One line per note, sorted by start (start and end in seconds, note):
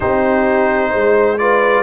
0.00 0.93 C4
0.00 1.37 D#4
0.00 0.90 G4
0.00 1.38 C5
0.90 1.82 G#3
0.90 1.36 C5
1.38 1.82 F4
1.38 1.82 B4
1.38 1.82 D5